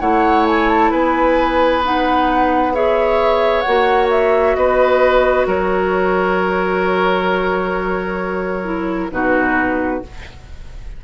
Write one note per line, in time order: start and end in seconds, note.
0.00 0.92 A3
0.00 1.82 E4
0.00 0.91 C#5
0.00 0.45 F#5
0.46 0.69 G#5
0.69 0.91 A5
0.91 3.65 B3
0.91 2.73 B4
0.91 1.83 G#5
1.83 2.73 D#4
1.83 2.75 F#5
2.73 3.64 G#4
2.73 4.56 C#5
2.73 3.61 E5
3.61 4.55 A#3
3.61 8.64 F#4
3.61 4.06 F#5
4.10 4.55 E5
4.55 5.46 B3
4.55 5.47 B4
4.55 5.46 D#5
5.46 9.10 F#3
5.46 9.11 A#4
5.46 9.11 C#5
8.64 9.10 E4
9.11 10.02 B2
9.11 10.02 D#4
9.11 10.04 F#4
9.11 10.02 B4